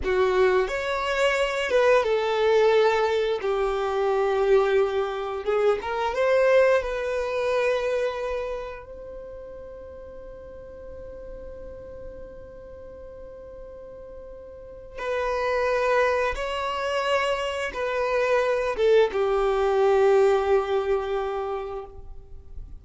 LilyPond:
\new Staff \with { instrumentName = "violin" } { \time 4/4 \tempo 4 = 88 fis'4 cis''4. b'8 a'4~ | a'4 g'2. | gis'8 ais'8 c''4 b'2~ | b'4 c''2.~ |
c''1~ | c''2 b'2 | cis''2 b'4. a'8 | g'1 | }